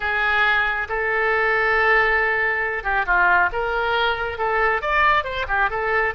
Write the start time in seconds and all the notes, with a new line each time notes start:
0.00 G#4
0.89 A4
2.83 G4
3.06 F4
3.52 A#4
4.38 A4
4.81 D5
5.24 C5
5.48 G4
5.70 A4